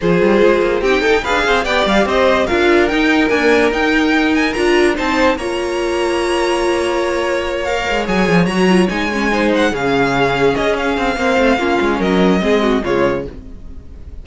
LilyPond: <<
  \new Staff \with { instrumentName = "violin" } { \time 4/4 \tempo 4 = 145 c''2 g''4 f''4 | g''8 f''8 dis''4 f''4 g''4 | gis''4 g''4. gis''8 ais''4 | a''4 ais''2.~ |
ais''2~ ais''8 f''4 gis''8~ | gis''8 ais''4 gis''4. fis''8 f''8~ | f''4. dis''8 f''2~ | f''4 dis''2 cis''4 | }
  \new Staff \with { instrumentName = "violin" } { \time 4/4 gis'2 g'8 a'8 b'8 c''8 | d''4 c''4 ais'2~ | ais'1 | c''4 cis''2.~ |
cis''1~ | cis''2~ cis''8 c''4 gis'8~ | gis'2. c''4 | f'4 ais'4 gis'8 fis'8 f'4 | }
  \new Staff \with { instrumentName = "viola" } { \time 4/4 f'2 dis'4 gis'4 | g'2 f'4 dis'4 | ais4 dis'2 f'4 | dis'4 f'2.~ |
f'2~ f'8 ais'4 gis'8~ | gis'8 fis'8 f'8 dis'8 cis'8 dis'4 cis'8~ | cis'2. c'4 | cis'2 c'4 gis4 | }
  \new Staff \with { instrumentName = "cello" } { \time 4/4 f8 g8 gis8 ais8 c'8 dis'8 d'8 c'8 | b8 g8 c'4 d'4 dis'4 | d'4 dis'2 d'4 | c'4 ais2.~ |
ais2. gis8 fis8 | f8 fis4 gis2 cis8~ | cis4. cis'4 c'8 ais8 a8 | ais8 gis8 fis4 gis4 cis4 | }
>>